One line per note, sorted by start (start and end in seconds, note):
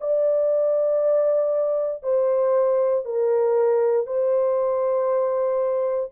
0.00 2.03 D5
2.03 3.05 C5
3.05 4.06 A#4
4.06 6.10 C5